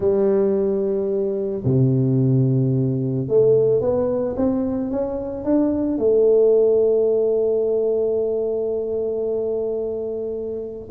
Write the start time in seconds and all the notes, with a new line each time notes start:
0.00 G3
1.64 C3
3.28 A3
3.80 B3
4.36 C4
4.90 C#4
5.44 D4
5.98 A3